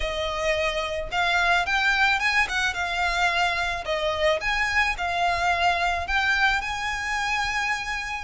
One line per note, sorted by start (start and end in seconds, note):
0.00 1.09 D#5
1.11 1.66 F5
1.66 2.19 G5
2.19 2.47 G#5
2.48 2.74 F#5
2.74 3.84 F5
3.85 4.40 D#5
4.41 4.96 G#5
4.97 6.07 F5
6.07 6.61 G5
6.61 8.24 G#5